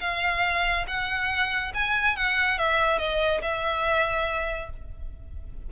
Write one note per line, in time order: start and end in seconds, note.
0.00 0.85 F5
0.87 1.72 F#5
1.74 2.16 G#5
2.16 2.58 F#5
2.58 2.98 E5
2.98 3.41 D#5
3.42 4.69 E5